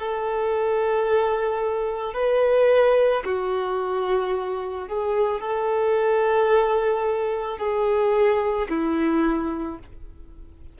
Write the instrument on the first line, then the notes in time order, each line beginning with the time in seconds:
violin
0.00 A4
2.15 B4
3.25 F#4
4.88 G#4
5.41 A4
7.59 G#4
8.70 E4